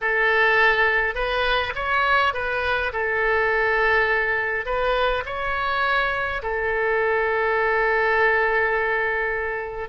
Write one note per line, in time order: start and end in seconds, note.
0.01 1.14 A4
1.14 1.73 B4
1.75 2.33 C#5
2.33 2.92 B4
2.92 4.65 A4
4.65 5.23 B4
5.25 6.42 C#5
6.42 9.89 A4